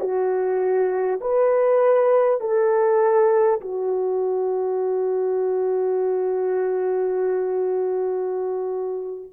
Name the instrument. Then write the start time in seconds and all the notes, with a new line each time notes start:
horn
0.00 F#4
1.20 B4
2.40 A4
3.61 F#4